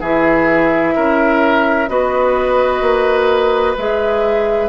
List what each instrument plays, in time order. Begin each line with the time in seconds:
0.00 bassoon E3, clarinet E4, oboe G#4, flute E5
0.95 bassoon C#4, oboe A#4
1.88 bassoon B3, clarinet F#4, oboe B4, flute D#5
2.81 bassoon A#3
3.77 bassoon G#3, clarinet G#4, flute E5